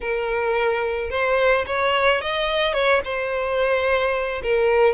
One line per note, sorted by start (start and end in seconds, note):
0.00 1.10 A#4
1.10 1.65 C5
1.66 2.21 C#5
2.21 2.73 D#5
2.73 3.00 C#5
3.04 4.42 C5
4.43 4.93 A#4